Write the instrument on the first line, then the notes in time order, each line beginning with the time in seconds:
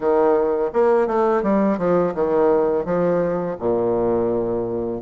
bassoon
0.00 D#3
0.73 A#3
1.07 A3
1.42 G3
1.78 F3
2.14 D#3
2.85 F3
3.59 A#2